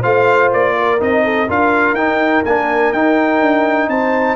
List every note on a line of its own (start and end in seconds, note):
0.00 0.52 A3
0.00 0.99 F4
0.00 0.73 C5
0.00 0.51 F5
0.52 1.00 A#3
0.52 1.01 D5
0.78 1.23 A#4
0.99 1.49 C4
0.99 1.47 D#4
0.99 1.50 D#5
1.23 1.47 A4
1.47 1.93 D4
1.47 1.96 F4
1.47 3.89 A#4
1.47 1.94 F5
1.93 2.41 D#4
1.93 2.45 D#4
1.93 2.43 G5
2.44 2.92 A#3
2.44 2.95 D4
2.44 2.92 G#5
2.92 3.40 D#4
2.92 4.35 D#4
2.92 3.89 G5
3.40 3.88 D4
3.88 4.35 C4
3.88 4.35 C5
3.88 4.35 A5